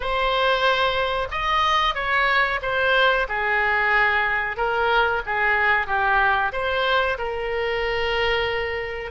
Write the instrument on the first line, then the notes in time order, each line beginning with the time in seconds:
oboe
0.00 C5
1.31 D#5
1.94 C#5
2.61 C5
3.28 G#4
4.56 A#4
5.26 G#4
5.86 G4
6.52 C5
7.18 A#4